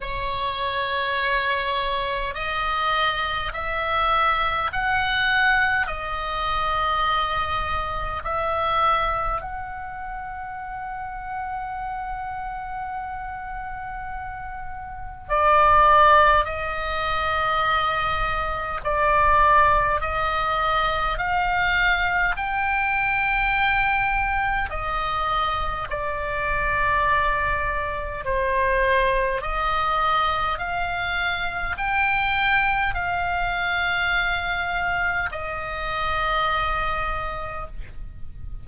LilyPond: \new Staff \with { instrumentName = "oboe" } { \time 4/4 \tempo 4 = 51 cis''2 dis''4 e''4 | fis''4 dis''2 e''4 | fis''1~ | fis''4 d''4 dis''2 |
d''4 dis''4 f''4 g''4~ | g''4 dis''4 d''2 | c''4 dis''4 f''4 g''4 | f''2 dis''2 | }